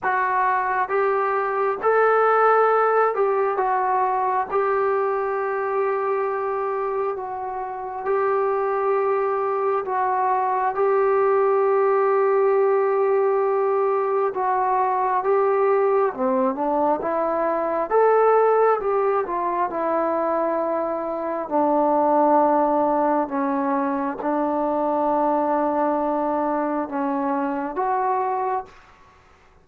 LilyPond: \new Staff \with { instrumentName = "trombone" } { \time 4/4 \tempo 4 = 67 fis'4 g'4 a'4. g'8 | fis'4 g'2. | fis'4 g'2 fis'4 | g'1 |
fis'4 g'4 c'8 d'8 e'4 | a'4 g'8 f'8 e'2 | d'2 cis'4 d'4~ | d'2 cis'4 fis'4 | }